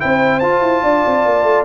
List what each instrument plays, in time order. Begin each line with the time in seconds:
0.00 tuba C4, trombone E4, horn C5, trumpet G5
0.40 tuba F4, trombone F4, trumpet A5
0.62 tuba E4
0.84 tuba D4, horn D5
1.07 tuba C4
1.26 tuba A#3
1.44 tuba A3